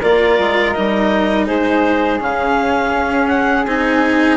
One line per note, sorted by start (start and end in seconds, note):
0.00 0.38 A#3
0.00 0.75 F4
0.00 1.46 A#4
0.00 0.72 D5
0.38 0.75 G#3
0.72 1.49 G3
0.72 2.20 D#4
0.72 1.45 D#5
1.46 2.20 G#3
1.46 4.36 G#4
1.46 2.20 C5
2.20 2.94 C#3
2.20 3.66 C#4
2.20 3.28 F5
2.94 3.66 C#4
3.28 3.64 F#5
3.66 4.36 C4
3.66 4.36 D#4
3.66 4.36 G#5